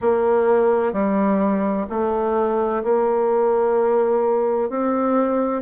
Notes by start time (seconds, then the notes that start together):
0.01 A#3
0.92 G3
1.89 A3
2.83 A#3
4.69 C4